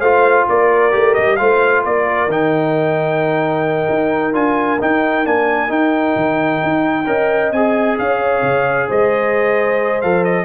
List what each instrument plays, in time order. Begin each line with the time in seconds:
0.00 tuba A3, trombone F4, horn C5, trumpet F5
0.49 tuba A#3, horn A#4, trumpet D5
0.91 tuba A3, trombone G4
1.14 tuba G3, trumpet D#5
1.36 tuba A3, trombone F4, horn C5, trumpet F5
1.84 tuba A#3, horn A#4, trumpet D5
2.28 tuba D#3, trombone D#4, trumpet G5
3.89 tuba D#4
4.33 tuba D4, trombone F4, trumpet G#5
4.80 trombone D#4, tuba D#4, trumpet G5
5.25 tuba A#3, trombone D4, trumpet G#5
5.68 trombone D#4, tuba D#4, trumpet G5
6.16 tuba D#3
6.63 tuba D#4
7.06 tuba C#4, trombone A#4, horn D#5
7.52 tuba C4, trombone G#4, trumpet G#5
7.99 tuba C#4, horn C#5, trumpet F5
8.42 tuba C#3
8.89 tuba G#3, horn C5, trumpet D#5
10.01 tuba F3, trombone A4, trumpet F5
10.24 trumpet D#5